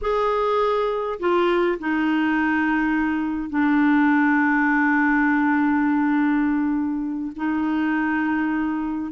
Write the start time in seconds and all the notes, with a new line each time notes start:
0.01 G#4
1.19 F4
1.79 D#4
3.49 D4
7.36 D#4